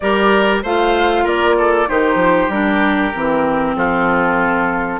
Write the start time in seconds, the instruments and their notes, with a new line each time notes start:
0.00 bassoon G3, clarinet G4, oboe A#4, flute D5
0.62 bassoon A3, clarinet F4, oboe C5, flute F5
1.24 bassoon A#3, oboe A#4, flute D5
1.57 oboe A4
1.87 bassoon D#3, clarinet D#4, oboe G4, flute C5
2.15 bassoon F3
2.48 bassoon G3, clarinet D4, flute A#4
3.14 bassoon E3, clarinet C4
3.75 bassoon F3, oboe F4, flute A4